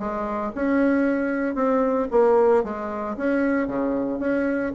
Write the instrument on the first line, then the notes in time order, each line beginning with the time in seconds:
bassoon
0.00 G#3
0.55 C#4
1.56 C4
2.11 A#3
2.64 G#3
3.18 C#4
3.68 C#3
4.20 C#4